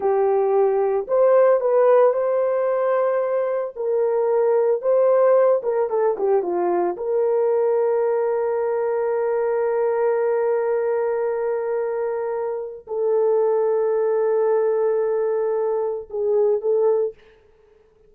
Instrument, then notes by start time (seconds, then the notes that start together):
horn
0.00 G4
1.07 C5
1.60 B4
2.13 C5
3.75 A#4
4.81 C5
5.62 A#4
5.89 A4
6.17 G4
6.42 F4
6.96 A#4
12.87 A4
16.10 G#4
16.61 A4